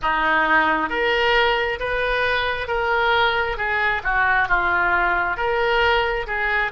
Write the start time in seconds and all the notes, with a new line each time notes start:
0.02 D#4
0.89 A#4
1.79 B4
2.67 A#4
3.57 G#4
4.03 F#4
4.48 F4
5.36 A#4
6.26 G#4